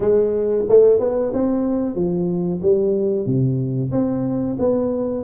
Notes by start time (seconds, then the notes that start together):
0.00 G#3
0.68 A3
0.99 B3
1.33 C4
1.95 F3
2.61 G3
3.25 C3
3.91 C4
4.58 B3